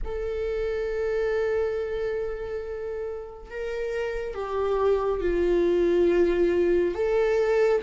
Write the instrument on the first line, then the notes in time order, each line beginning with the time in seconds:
viola
0.04 A4
3.50 A#4
4.34 G4
5.21 F4
6.94 A4